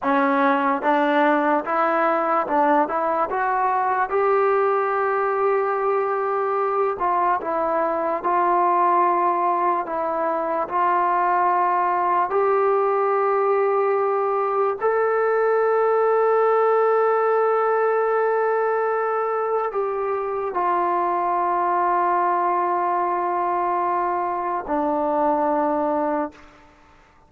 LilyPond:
\new Staff \with { instrumentName = "trombone" } { \time 4/4 \tempo 4 = 73 cis'4 d'4 e'4 d'8 e'8 | fis'4 g'2.~ | g'8 f'8 e'4 f'2 | e'4 f'2 g'4~ |
g'2 a'2~ | a'1 | g'4 f'2.~ | f'2 d'2 | }